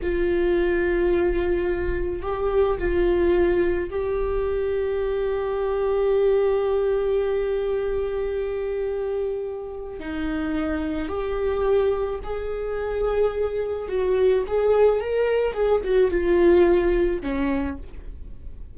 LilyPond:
\new Staff \with { instrumentName = "viola" } { \time 4/4 \tempo 4 = 108 f'1 | g'4 f'2 g'4~ | g'1~ | g'1~ |
g'2 dis'2 | g'2 gis'2~ | gis'4 fis'4 gis'4 ais'4 | gis'8 fis'8 f'2 cis'4 | }